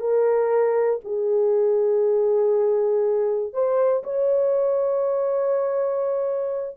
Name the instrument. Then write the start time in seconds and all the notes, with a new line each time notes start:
horn
0.00 A#4
1.05 G#4
3.53 C5
4.04 C#5